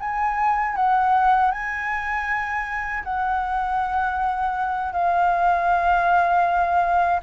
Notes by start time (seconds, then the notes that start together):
0.00 G#5
0.76 F#5
1.52 G#5
3.04 F#5
4.93 F5